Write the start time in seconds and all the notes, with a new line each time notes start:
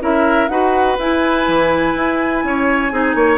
0.00 C#4 E4 A#4 E5
0.48 D#4 F#4 B4 F#5
0.98 E4 G#5
1.48 E3
1.95 E4
2.44 C#4 C#5
2.91 C4 D#4 G#4
3.15 A#3 C#5